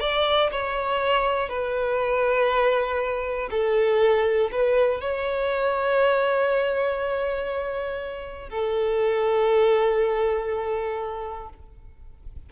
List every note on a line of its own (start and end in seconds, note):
0.00 0.50 D5
0.51 1.49 C#5
1.49 3.49 B4
3.50 4.50 A4
4.51 5.00 B4
5.00 8.49 C#5
8.49 11.49 A4